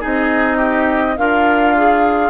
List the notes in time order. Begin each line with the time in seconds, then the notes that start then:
0.00 C4 D#4 G#4 D#5
0.57 G4
1.17 D4 F4 A#4 F5
1.77 G#4